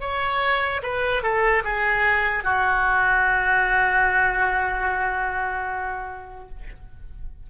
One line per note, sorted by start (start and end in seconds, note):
0.00 0.81 C#5
0.82 1.22 B4
1.22 1.63 A4
1.64 2.44 G#4
2.44 6.49 F#4